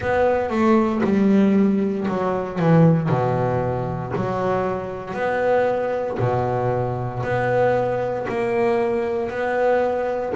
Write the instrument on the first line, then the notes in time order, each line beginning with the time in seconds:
double bass
0.00 B3
0.49 A3
1.03 G3
2.08 F#3
2.59 E3
3.09 B2
4.15 F#3
5.14 B3
6.19 B2
7.23 B3
8.28 A#3
9.30 B3